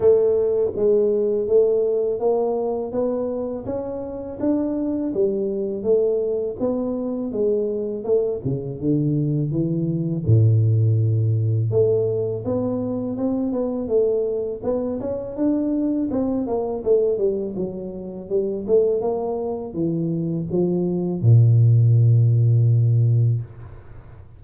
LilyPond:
\new Staff \with { instrumentName = "tuba" } { \time 4/4 \tempo 4 = 82 a4 gis4 a4 ais4 | b4 cis'4 d'4 g4 | a4 b4 gis4 a8 cis8 | d4 e4 a,2 |
a4 b4 c'8 b8 a4 | b8 cis'8 d'4 c'8 ais8 a8 g8 | fis4 g8 a8 ais4 e4 | f4 ais,2. | }